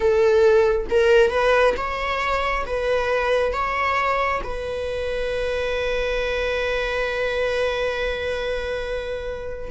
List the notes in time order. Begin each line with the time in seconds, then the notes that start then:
0.00 A4
0.89 A#4
1.30 B4
1.76 C#5
2.66 B4
3.53 C#5
4.43 B4